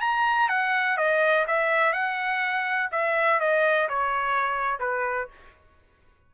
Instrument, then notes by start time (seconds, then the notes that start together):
trumpet
0.00 A#5
0.49 F#5
0.97 D#5
1.47 E5
1.92 F#5
2.91 E5
3.40 D#5
3.89 C#5
4.79 B4